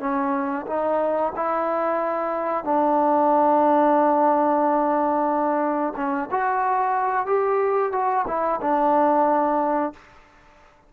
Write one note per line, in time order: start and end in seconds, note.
0.00 0.66 C#4
0.67 1.33 D#4
1.36 2.65 E4
2.65 5.94 D4
5.97 6.30 C#4
6.31 7.27 F#4
7.27 7.93 G4
7.93 8.26 F#4
8.28 8.61 E4
8.62 9.94 D4